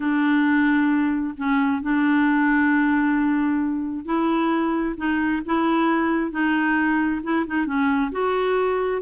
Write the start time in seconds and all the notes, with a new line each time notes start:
0.00 D4
1.37 C#4
1.82 D4
4.05 E4
4.97 D#4
5.45 E4
6.31 D#4
7.23 E4
7.46 D#4
7.66 C#4
8.11 F#4